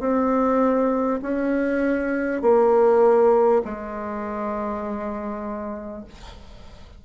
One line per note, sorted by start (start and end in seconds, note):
0.00 1.20 C4
1.22 2.42 C#4
2.42 3.62 A#3
3.65 6.05 G#3